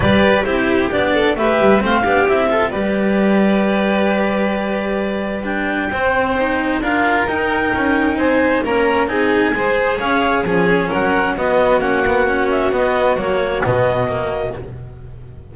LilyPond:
<<
  \new Staff \with { instrumentName = "clarinet" } { \time 4/4 \tempo 4 = 132 d''4 c''4 d''4 e''4 | f''4 e''4 d''2~ | d''1 | g''2. f''4 |
g''2 gis''4 ais''4 | gis''2 f''4 gis''4 | fis''4 dis''4 fis''4. e''8 | dis''4 cis''4 dis''2 | }
  \new Staff \with { instrumentName = "violin" } { \time 4/4 b'4 g'4. a'8 b'4 | c''8 g'4 a'8 b'2~ | b'1~ | b'4 c''2 ais'4~ |
ais'2 c''4 ais'4 | gis'4 c''4 cis''4 gis'4 | ais'4 fis'2.~ | fis'1 | }
  \new Staff \with { instrumentName = "cello" } { \time 4/4 g'4 e'4 d'4 g'4 | c'8 d'8 e'8 f'8 g'2~ | g'1 | d'4 c'4 dis'4 f'4 |
dis'2. cis'4 | dis'4 gis'2 cis'4~ | cis'4 b4 cis'8 b8 cis'4 | b4 ais4 b4 ais4 | }
  \new Staff \with { instrumentName = "double bass" } { \time 4/4 g4 c'4 b4 a8 g8 | a8 b8 c'4 g2~ | g1~ | g4 c'2 d'4 |
dis'4 cis'4 c'4 ais4 | c'4 gis4 cis'4 f4 | fis4 b4 ais2 | b4 fis4 b,2 | }
>>